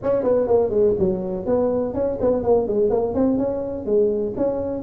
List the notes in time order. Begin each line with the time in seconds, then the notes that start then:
0.02 C#4
0.23 B3
0.47 A#3
0.70 G#3
0.98 F#3
1.46 B3
1.94 C#4
2.20 B3
2.43 A#3
2.67 G#3
2.90 A#3
3.14 C4
3.38 C#4
3.85 G#3
4.36 C#4